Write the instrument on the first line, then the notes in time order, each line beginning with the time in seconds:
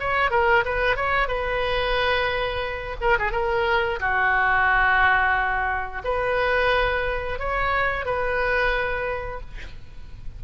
oboe
0.00 C#5
0.31 A#4
0.65 B4
0.96 C#5
1.28 B4
3.01 A#4
3.19 G#4
3.32 A#4
4.00 F#4
6.04 B4
7.39 C#5
8.06 B4